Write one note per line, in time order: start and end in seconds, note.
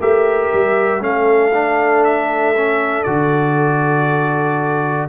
0.00 0.51 A3
0.00 1.00 G4
0.00 1.02 A#4
0.00 1.03 E5
0.53 1.00 G3
1.00 3.03 A3
1.00 1.51 C#4
1.00 5.08 A4
1.00 2.04 F5
1.53 2.54 D4
2.04 3.03 E5
2.56 3.06 C#4
3.03 5.08 D3
3.03 5.08 F#4
3.03 5.06 D5